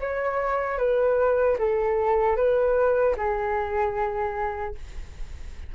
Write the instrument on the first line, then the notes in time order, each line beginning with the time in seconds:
flute
0.00 C#5
0.78 B4
1.59 A4
2.36 B4
3.17 G#4